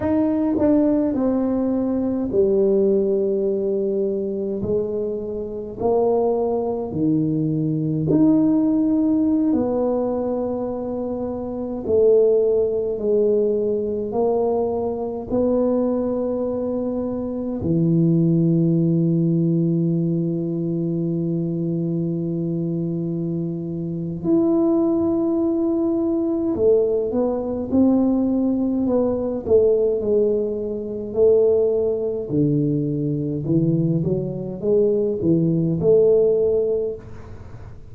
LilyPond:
\new Staff \with { instrumentName = "tuba" } { \time 4/4 \tempo 4 = 52 dis'8 d'8 c'4 g2 | gis4 ais4 dis4 dis'4~ | dis'16 b2 a4 gis8.~ | gis16 ais4 b2 e8.~ |
e1~ | e4 e'2 a8 b8 | c'4 b8 a8 gis4 a4 | d4 e8 fis8 gis8 e8 a4 | }